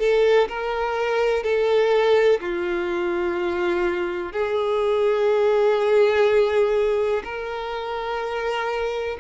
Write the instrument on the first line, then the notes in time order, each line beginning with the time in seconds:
violin
0.00 A4
0.49 A#4
1.43 A4
2.41 F4
4.33 G#4
7.24 A#4